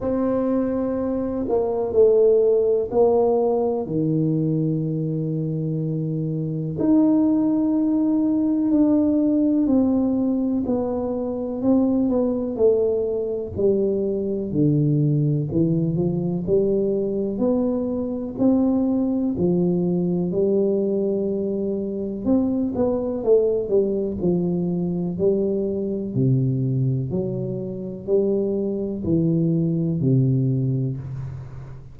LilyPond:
\new Staff \with { instrumentName = "tuba" } { \time 4/4 \tempo 4 = 62 c'4. ais8 a4 ais4 | dis2. dis'4~ | dis'4 d'4 c'4 b4 | c'8 b8 a4 g4 d4 |
e8 f8 g4 b4 c'4 | f4 g2 c'8 b8 | a8 g8 f4 g4 c4 | fis4 g4 e4 c4 | }